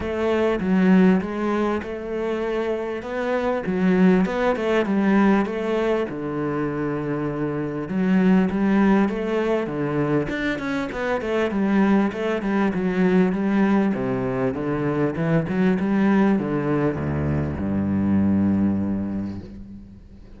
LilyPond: \new Staff \with { instrumentName = "cello" } { \time 4/4 \tempo 4 = 99 a4 fis4 gis4 a4~ | a4 b4 fis4 b8 a8 | g4 a4 d2~ | d4 fis4 g4 a4 |
d4 d'8 cis'8 b8 a8 g4 | a8 g8 fis4 g4 c4 | d4 e8 fis8 g4 d4 | d,4 g,2. | }